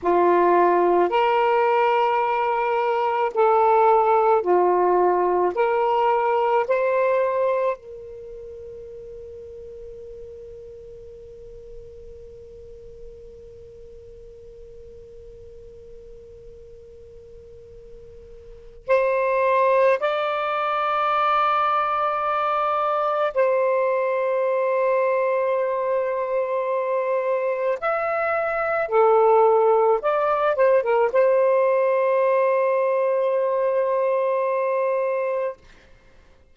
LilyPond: \new Staff \with { instrumentName = "saxophone" } { \time 4/4 \tempo 4 = 54 f'4 ais'2 a'4 | f'4 ais'4 c''4 ais'4~ | ais'1~ | ais'1~ |
ais'4 c''4 d''2~ | d''4 c''2.~ | c''4 e''4 a'4 d''8 c''16 ais'16 | c''1 | }